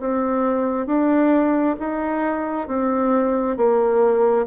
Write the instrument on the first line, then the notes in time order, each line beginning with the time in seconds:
bassoon
0.00 C4
0.87 D4
1.80 D#4
2.68 C4
3.57 A#3